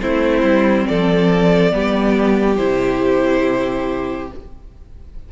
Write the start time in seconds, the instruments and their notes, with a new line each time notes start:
0.00 cello A3, viola C4, violin E4 C5
0.42 cello G3
0.87 cello F3, violin A4 D5
1.71 cello G3, viola B3, violin G4
2.56 cello C3, viola E4, violin C5